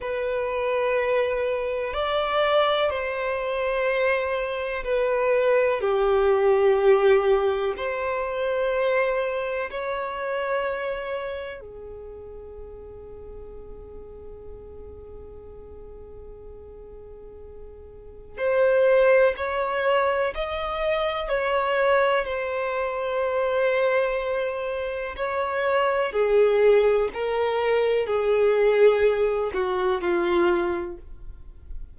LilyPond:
\new Staff \with { instrumentName = "violin" } { \time 4/4 \tempo 4 = 62 b'2 d''4 c''4~ | c''4 b'4 g'2 | c''2 cis''2 | gis'1~ |
gis'2. c''4 | cis''4 dis''4 cis''4 c''4~ | c''2 cis''4 gis'4 | ais'4 gis'4. fis'8 f'4 | }